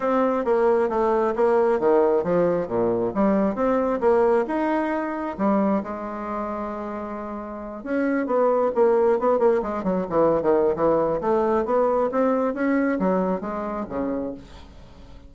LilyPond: \new Staff \with { instrumentName = "bassoon" } { \time 4/4 \tempo 4 = 134 c'4 ais4 a4 ais4 | dis4 f4 ais,4 g4 | c'4 ais4 dis'2 | g4 gis2.~ |
gis4. cis'4 b4 ais8~ | ais8 b8 ais8 gis8 fis8 e8. dis8. | e4 a4 b4 c'4 | cis'4 fis4 gis4 cis4 | }